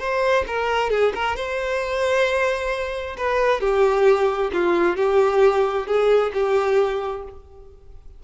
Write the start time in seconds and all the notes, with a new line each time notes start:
0.00 C5
0.48 A#4
0.90 G#4
1.15 A#4
1.36 C5
3.17 B4
3.61 G4
4.53 F4
4.97 G4
5.87 G#4
6.34 G4